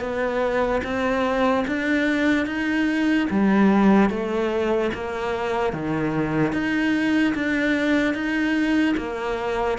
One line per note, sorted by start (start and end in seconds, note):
0.00 0.81 B3
0.83 1.64 C4
1.67 2.46 D4
2.46 3.27 D#4
3.30 4.09 G3
4.09 4.90 A3
4.94 5.73 A#3
5.73 6.52 D#3
6.52 7.33 D#4
7.35 8.14 D4
8.14 8.95 D#4
8.97 9.78 A#3